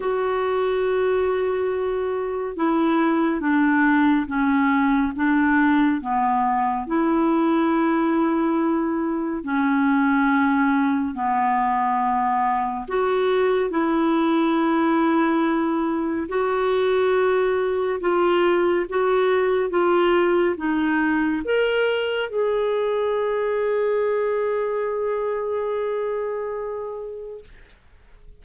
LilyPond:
\new Staff \with { instrumentName = "clarinet" } { \time 4/4 \tempo 4 = 70 fis'2. e'4 | d'4 cis'4 d'4 b4 | e'2. cis'4~ | cis'4 b2 fis'4 |
e'2. fis'4~ | fis'4 f'4 fis'4 f'4 | dis'4 ais'4 gis'2~ | gis'1 | }